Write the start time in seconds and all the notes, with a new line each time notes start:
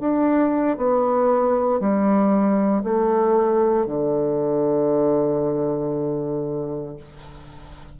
0.00 D4
0.77 B3
1.79 G3
2.83 A3
3.86 D3